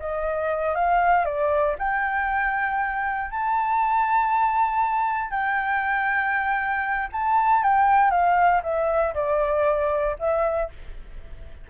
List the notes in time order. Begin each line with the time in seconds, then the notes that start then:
0.00 D#5
0.75 F5
1.25 D5
1.79 G5
3.31 A5
5.31 G5
7.12 A5
7.63 G5
8.11 F5
8.63 E5
9.15 D5
10.19 E5